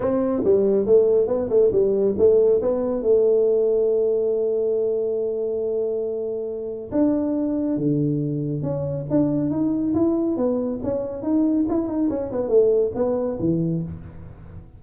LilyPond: \new Staff \with { instrumentName = "tuba" } { \time 4/4 \tempo 4 = 139 c'4 g4 a4 b8 a8 | g4 a4 b4 a4~ | a1~ | a1 |
d'2 d2 | cis'4 d'4 dis'4 e'4 | b4 cis'4 dis'4 e'8 dis'8 | cis'8 b8 a4 b4 e4 | }